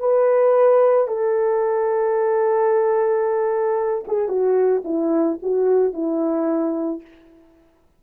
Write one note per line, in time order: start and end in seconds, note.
0.00 1.08 B4
1.08 4.05 A4
4.08 4.29 G#4
4.29 4.83 F#4
4.85 5.39 E4
5.43 5.94 F#4
5.94 7.02 E4